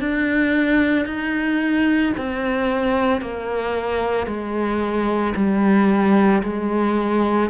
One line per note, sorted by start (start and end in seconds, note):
0.00 1.06 D4
1.06 2.13 D#4
2.17 3.21 C4
3.21 4.27 A#3
4.27 5.34 G#3
5.35 6.42 G3
6.43 7.50 G#3